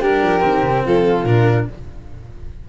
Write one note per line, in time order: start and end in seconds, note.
0.00 0.21 G3
0.00 0.40 D4
0.00 0.83 G4
0.00 0.85 A#4
0.22 0.42 F3
0.40 0.61 D#3
0.40 1.22 C4
0.61 0.82 C3
0.83 1.24 F3
0.83 1.66 F4
0.83 1.24 A4
1.24 1.66 A#2
1.24 1.68 D4
1.24 1.66 A#4